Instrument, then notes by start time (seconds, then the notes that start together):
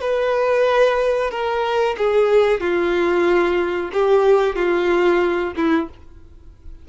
violin
0.00 B4
1.30 A#4
1.97 G#4
2.60 F4
3.92 G4
4.55 F4
5.56 E4